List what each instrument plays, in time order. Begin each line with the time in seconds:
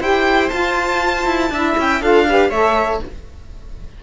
0.00 cello E4, saxophone G4, viola C5, violin G5
0.49 saxophone F4, cello F4, violin A5
1.26 cello E4
1.50 cello D4, saxophone E4, viola E5
1.77 cello C#4, violin G5
2.01 cello D4, saxophone F4, viola A4, violin F5
2.27 saxophone G4, viola B4
2.49 cello A3, saxophone A4, viola C#5, violin E5